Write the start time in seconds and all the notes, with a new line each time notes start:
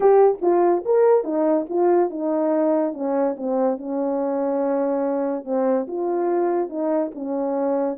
0.00 G4
0.41 F4
0.85 A#4
1.24 D#4
1.69 F4
2.10 D#4
2.93 C#4
3.36 C4
3.78 C#4
5.44 C4
5.87 F4
6.69 D#4
7.14 C#4